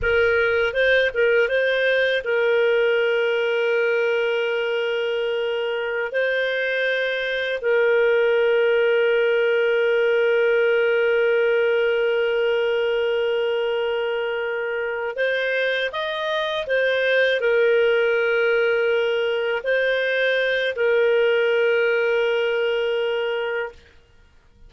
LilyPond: \new Staff \with { instrumentName = "clarinet" } { \time 4/4 \tempo 4 = 81 ais'4 c''8 ais'8 c''4 ais'4~ | ais'1~ | ais'16 c''2 ais'4.~ ais'16~ | ais'1~ |
ais'1~ | ais'8 c''4 dis''4 c''4 ais'8~ | ais'2~ ais'8 c''4. | ais'1 | }